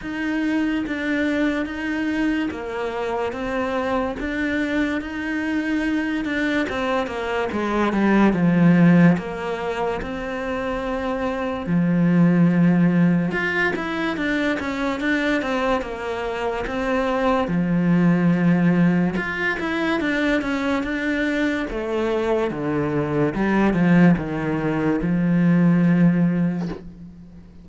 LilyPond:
\new Staff \with { instrumentName = "cello" } { \time 4/4 \tempo 4 = 72 dis'4 d'4 dis'4 ais4 | c'4 d'4 dis'4. d'8 | c'8 ais8 gis8 g8 f4 ais4 | c'2 f2 |
f'8 e'8 d'8 cis'8 d'8 c'8 ais4 | c'4 f2 f'8 e'8 | d'8 cis'8 d'4 a4 d4 | g8 f8 dis4 f2 | }